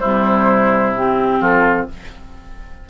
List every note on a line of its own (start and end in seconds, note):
0.00 1.41 C3
0.00 0.95 G3
0.00 1.40 E4
0.00 0.93 C5
0.97 1.90 C4
0.97 1.43 G4
1.41 1.88 F3
1.41 1.87 F4
1.41 1.89 A4